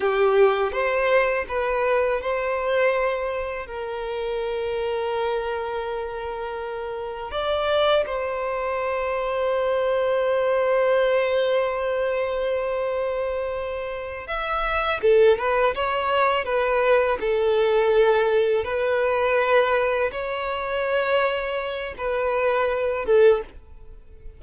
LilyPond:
\new Staff \with { instrumentName = "violin" } { \time 4/4 \tempo 4 = 82 g'4 c''4 b'4 c''4~ | c''4 ais'2.~ | ais'2 d''4 c''4~ | c''1~ |
c''2.~ c''8 e''8~ | e''8 a'8 b'8 cis''4 b'4 a'8~ | a'4. b'2 cis''8~ | cis''2 b'4. a'8 | }